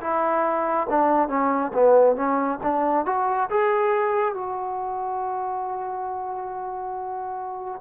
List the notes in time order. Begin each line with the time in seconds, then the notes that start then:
0.00 E4
0.89 D4
1.28 C#4
1.73 B3
2.16 C#4
2.63 D4
3.05 F#4
3.50 G#4
4.34 F#4